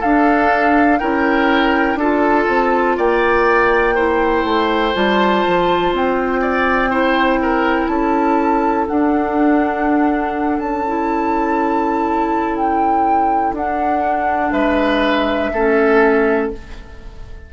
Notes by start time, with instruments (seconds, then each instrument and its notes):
0.00 bassoon D4, clarinet D4, oboe A4, flute F5
0.99 bassoon C#4, clarinet E4, oboe A#4, flute G5
1.95 bassoon D4, clarinet F4, oboe A4, flute A5
2.49 bassoon C4
2.98 bassoon A#3, oboe D5, flute G5
3.95 clarinet E4, oboe C5
4.44 bassoon A3
4.94 bassoon G3, clarinet F4, flute A5
5.48 bassoon F3
5.93 bassoon C4, flute G5
6.42 oboe D5
6.90 clarinet E4, oboe C5
7.42 oboe A#4
7.88 bassoon C#4, oboe A4, flute A5
8.88 clarinet D4, bassoon D4, flute F#5
10.59 bassoon C#4, flute A5
10.87 clarinet E4
12.56 flute G5
13.53 bassoon D4, clarinet D4, flute F#5
14.52 bassoon G#3, oboe B4, flute E5
15.53 bassoon A3, clarinet C#4, oboe A4